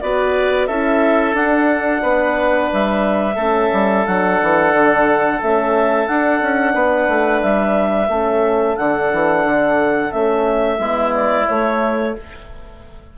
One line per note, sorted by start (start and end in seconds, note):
0.00 0.68 B3
0.00 0.69 F#4
0.00 0.67 B4
0.00 0.67 D5
0.67 1.33 C#4
0.67 1.34 E4
0.67 2.02 A4
0.67 1.34 E5
1.33 2.01 D4
1.33 3.36 D4
1.33 2.70 F#5
2.02 2.70 B3
2.02 3.35 B4
2.72 3.36 G3
2.72 4.06 E5
3.35 3.70 A3
3.35 4.06 C#4
3.35 6.72 A4
3.73 4.06 G3
4.06 4.40 F#3
4.06 5.41 D4
4.06 5.41 F#5
4.42 4.72 E3
4.72 5.40 D3
5.41 6.07 A3
5.41 6.07 C#4
5.41 6.07 E5
6.07 8.09 D4
6.07 6.41 D4
6.07 7.42 F#5
6.42 6.74 C#4
6.74 7.08 B3
6.74 8.09 B4
7.08 7.42 A3
7.42 8.09 G3
7.42 8.77 E5
8.09 8.76 A3
8.09 8.77 C#4
8.09 10.78 A4
8.77 9.13 D3
8.77 10.10 D4
8.77 10.12 F#5
9.13 9.45 E3
9.45 10.12 D3
10.10 10.79 A3
10.10 10.78 C#4
10.10 11.13 E5
10.78 11.46 G#3
10.78 11.47 B3
10.78 12.13 E4
11.14 11.48 D5
11.48 12.17 A3
11.48 12.15 C#5